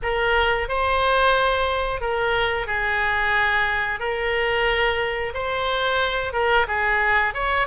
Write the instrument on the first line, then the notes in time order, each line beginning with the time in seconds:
oboe
0.02 A#4
0.68 C5
2.00 A#4
2.66 G#4
3.99 A#4
5.34 C5
6.32 A#4
6.67 G#4
7.33 C#5